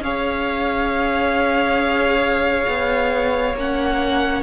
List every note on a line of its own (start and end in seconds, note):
0.00 2.65 C#4
0.00 3.56 G#4
0.00 4.43 C#5
0.00 3.56 F5
2.68 3.54 B3
3.54 4.42 A#3
3.54 4.43 C#4
3.54 4.43 F#5